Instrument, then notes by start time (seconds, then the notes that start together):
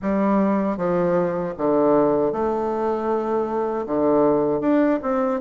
bassoon
0.02 G3
0.77 F3
1.57 D3
2.32 A3
3.86 D3
4.60 D4
5.02 C4